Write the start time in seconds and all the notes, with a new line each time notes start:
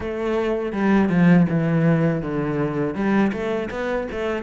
0.00 A3
0.72 G3
1.09 F3
1.49 E3
2.22 D3
2.94 G3
3.32 A3
3.70 B3
4.11 A3